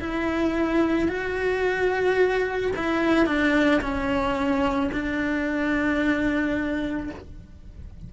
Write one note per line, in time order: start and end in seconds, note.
0.00 1.08 E4
1.08 2.72 F#4
2.76 3.26 E4
3.26 3.81 D4
3.81 4.90 C#4
4.92 7.10 D4